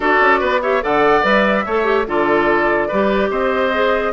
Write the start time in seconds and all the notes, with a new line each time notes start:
0.00 D4 F#4 A4 D5
0.20 C#4
0.39 B3 B4
0.62 G4 C#5 E5
0.82 D3 A4 D5 F#5
1.22 G3 B4 E5
1.65 A3 A4 C#5
1.84 G4
2.06 D3 F4 A4 D5
2.87 G3 G4 B4
3.30 C4 C5 D#5
3.72 G#4